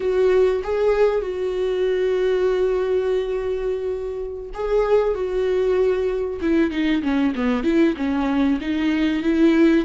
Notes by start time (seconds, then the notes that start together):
0.00 F#4
0.63 G#4
1.21 F#4
4.53 G#4
5.14 F#4
6.41 E4
6.70 D#4
7.02 C#4
7.35 B3
7.63 E4
7.96 C#4
8.60 D#4
9.22 E4